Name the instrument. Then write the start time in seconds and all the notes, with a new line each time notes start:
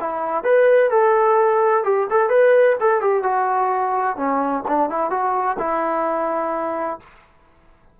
trombone
0.00 E4
0.44 B4
0.90 A4
1.84 G4
2.10 A4
2.29 B4
2.80 A4
3.01 G4
3.23 F#4
4.17 C#4
4.68 D4
4.90 E4
5.10 F#4
5.59 E4